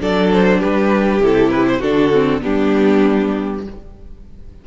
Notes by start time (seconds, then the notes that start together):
0.00 F#3 D4 A4 D5
0.33 C5
0.59 G3 G4 B4
1.20 C3 E4 A4
1.51 B4
1.68 C5
1.78 D3 D4 F#4 A4
2.12 C4
2.41 G3 B3 D4 G4